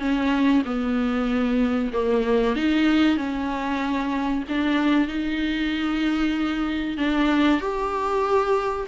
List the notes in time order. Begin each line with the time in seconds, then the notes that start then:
0.00 C#4
0.65 B3
1.93 A#3
2.56 D#4
3.18 C#4
4.49 D4
5.08 D#4
6.98 D4
7.61 G4